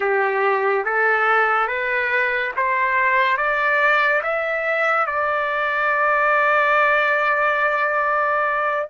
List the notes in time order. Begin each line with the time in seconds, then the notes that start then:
0.00 G4
0.85 A4
1.67 B4
2.56 C5
3.37 D5
4.23 E5
5.06 D5